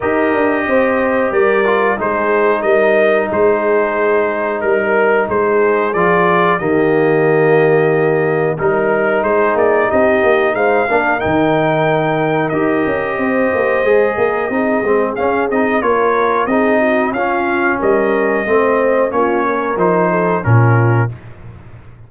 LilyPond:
<<
  \new Staff \with { instrumentName = "trumpet" } { \time 4/4 \tempo 4 = 91 dis''2 d''4 c''4 | dis''4 c''2 ais'4 | c''4 d''4 dis''2~ | dis''4 ais'4 c''8 d''8 dis''4 |
f''4 g''2 dis''4~ | dis''2. f''8 dis''8 | cis''4 dis''4 f''4 dis''4~ | dis''4 cis''4 c''4 ais'4 | }
  \new Staff \with { instrumentName = "horn" } { \time 4/4 ais'4 c''4 ais'4 gis'4 | ais'4 gis'2 ais'4 | gis'2 g'2~ | g'4 ais'4 gis'4 g'4 |
c''8 ais'2.~ ais'8 | c''4. ais'8 gis'2 | ais'4 gis'8 fis'8 f'4 ais'4 | c''4 f'8 ais'4 a'8 f'4 | }
  \new Staff \with { instrumentName = "trombone" } { \time 4/4 g'2~ g'8 f'8 dis'4~ | dis'1~ | dis'4 f'4 ais2~ | ais4 dis'2.~ |
dis'8 d'8 dis'2 g'4~ | g'4 gis'4 dis'8 c'8 cis'8 dis'8 | f'4 dis'4 cis'2 | c'4 cis'4 dis'4 cis'4 | }
  \new Staff \with { instrumentName = "tuba" } { \time 4/4 dis'8 d'8 c'4 g4 gis4 | g4 gis2 g4 | gis4 f4 dis2~ | dis4 g4 gis8 ais8 c'8 ais8 |
gis8 ais8 dis2 dis'8 cis'8 | c'8 ais8 gis8 ais8 c'8 gis8 cis'8 c'8 | ais4 c'4 cis'4 g4 | a4 ais4 f4 ais,4 | }
>>